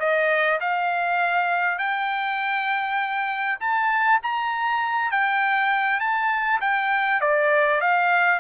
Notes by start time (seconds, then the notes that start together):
0.00 D#5
0.61 F5
1.79 G5
3.61 A5
4.23 A#5
5.11 G5
6.00 A5
6.61 G5
7.21 D5
7.81 F5